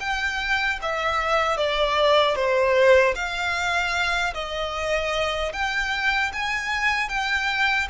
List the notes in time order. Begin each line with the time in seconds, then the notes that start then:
0.00 G5
0.82 E5
1.57 D5
2.35 C5
3.15 F5
4.34 D#5
5.53 G5
6.33 G#5
7.09 G5